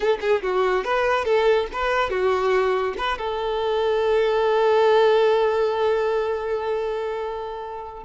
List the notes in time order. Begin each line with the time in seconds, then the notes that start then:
0.00 A4
0.20 G#4
0.42 F#4
0.84 B4
1.24 A4
1.72 B4
2.09 F#4
2.97 B4
3.18 A4